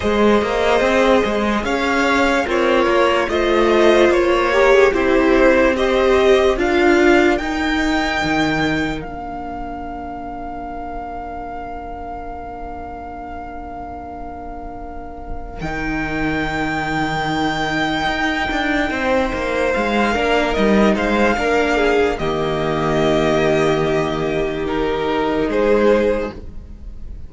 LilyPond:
<<
  \new Staff \with { instrumentName = "violin" } { \time 4/4 \tempo 4 = 73 dis''2 f''4 cis''4 | dis''4 cis''4 c''4 dis''4 | f''4 g''2 f''4~ | f''1~ |
f''2. g''4~ | g''1 | f''4 dis''8 f''4. dis''4~ | dis''2 ais'4 c''4 | }
  \new Staff \with { instrumentName = "violin" } { \time 4/4 c''2 cis''4 f'4 | c''4. ais'16 gis'16 g'4 c''4 | ais'1~ | ais'1~ |
ais'1~ | ais'2. c''4~ | c''8 ais'4 c''8 ais'8 gis'8 g'4~ | g'2. gis'4 | }
  \new Staff \with { instrumentName = "viola" } { \time 4/4 gis'2. ais'4 | f'4. g'8 e'4 g'4 | f'4 dis'2 d'4~ | d'1~ |
d'2. dis'4~ | dis'1~ | dis'8 d'8 dis'4 d'4 ais4~ | ais2 dis'2 | }
  \new Staff \with { instrumentName = "cello" } { \time 4/4 gis8 ais8 c'8 gis8 cis'4 c'8 ais8 | a4 ais4 c'2 | d'4 dis'4 dis4 ais4~ | ais1~ |
ais2. dis4~ | dis2 dis'8 d'8 c'8 ais8 | gis8 ais8 g8 gis8 ais4 dis4~ | dis2. gis4 | }
>>